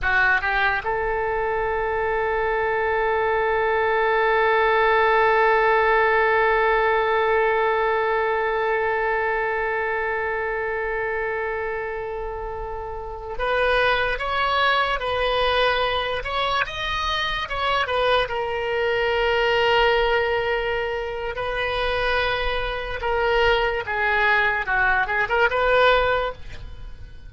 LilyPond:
\new Staff \with { instrumentName = "oboe" } { \time 4/4 \tempo 4 = 73 fis'8 g'8 a'2.~ | a'1~ | a'1~ | a'1~ |
a'16 b'4 cis''4 b'4. cis''16~ | cis''16 dis''4 cis''8 b'8 ais'4.~ ais'16~ | ais'2 b'2 | ais'4 gis'4 fis'8 gis'16 ais'16 b'4 | }